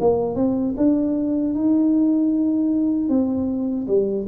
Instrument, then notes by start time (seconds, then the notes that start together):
tuba
0.00 A#3
0.35 C4
0.77 D4
1.54 D#4
3.09 C4
3.87 G3